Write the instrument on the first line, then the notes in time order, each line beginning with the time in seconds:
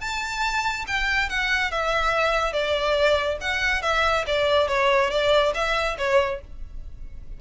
violin
0.00 A5
0.87 G5
1.29 F#5
1.71 E5
2.53 D5
3.41 F#5
3.82 E5
4.26 D5
4.68 C#5
5.10 D5
5.54 E5
5.98 C#5